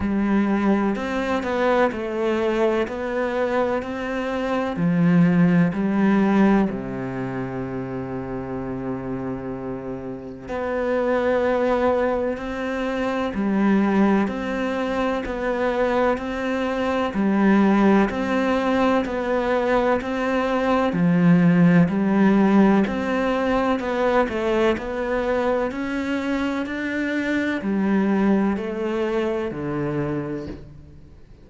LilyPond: \new Staff \with { instrumentName = "cello" } { \time 4/4 \tempo 4 = 63 g4 c'8 b8 a4 b4 | c'4 f4 g4 c4~ | c2. b4~ | b4 c'4 g4 c'4 |
b4 c'4 g4 c'4 | b4 c'4 f4 g4 | c'4 b8 a8 b4 cis'4 | d'4 g4 a4 d4 | }